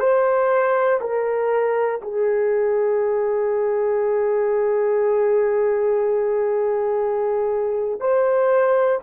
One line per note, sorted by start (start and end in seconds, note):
0.00 1.00 C5
1.01 2.01 A#4
2.02 8.01 G#4
8.01 9.01 C5